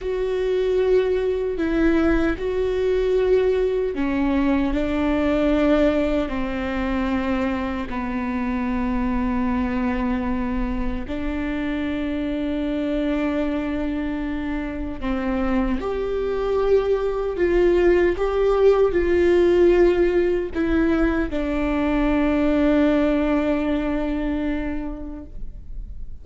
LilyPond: \new Staff \with { instrumentName = "viola" } { \time 4/4 \tempo 4 = 76 fis'2 e'4 fis'4~ | fis'4 cis'4 d'2 | c'2 b2~ | b2 d'2~ |
d'2. c'4 | g'2 f'4 g'4 | f'2 e'4 d'4~ | d'1 | }